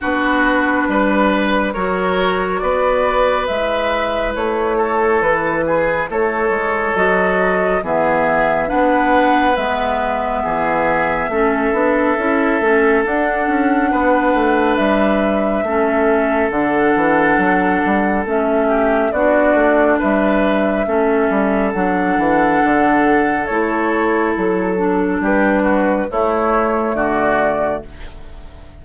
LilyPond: <<
  \new Staff \with { instrumentName = "flute" } { \time 4/4 \tempo 4 = 69 b'2 cis''4 d''4 | e''4 cis''4 b'4 cis''4 | dis''4 e''4 fis''4 e''4~ | e''2. fis''4~ |
fis''4 e''2 fis''4~ | fis''4 e''4 d''4 e''4~ | e''4 fis''2 cis''4 | a'4 b'4 cis''4 d''4 | }
  \new Staff \with { instrumentName = "oboe" } { \time 4/4 fis'4 b'4 ais'4 b'4~ | b'4. a'4 gis'8 a'4~ | a'4 gis'4 b'2 | gis'4 a'2. |
b'2 a'2~ | a'4. g'8 fis'4 b'4 | a'1~ | a'4 g'8 fis'8 e'4 fis'4 | }
  \new Staff \with { instrumentName = "clarinet" } { \time 4/4 d'2 fis'2 | e'1 | fis'4 b4 d'4 b4~ | b4 cis'8 d'8 e'8 cis'8 d'4~ |
d'2 cis'4 d'4~ | d'4 cis'4 d'2 | cis'4 d'2 e'4~ | e'8 d'4. a2 | }
  \new Staff \with { instrumentName = "bassoon" } { \time 4/4 b4 g4 fis4 b4 | gis4 a4 e4 a8 gis8 | fis4 e4 b4 gis4 | e4 a8 b8 cis'8 a8 d'8 cis'8 |
b8 a8 g4 a4 d8 e8 | fis8 g8 a4 b8 a8 g4 | a8 g8 fis8 e8 d4 a4 | fis4 g4 a4 d4 | }
>>